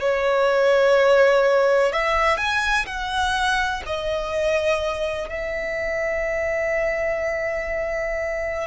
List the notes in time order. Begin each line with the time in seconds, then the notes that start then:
0.00 C#5
1.93 E5
2.38 G#5
2.86 F#5
3.86 D#5
5.29 E5